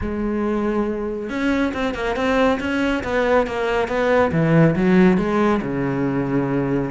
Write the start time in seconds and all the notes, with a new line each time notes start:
0.01 G#3
1.29 C#4
1.73 C4
1.94 A#3
2.16 C4
2.60 C#4
3.03 B3
3.46 A#3
3.88 B3
4.32 E3
4.75 F#3
5.17 G#3
5.62 C#3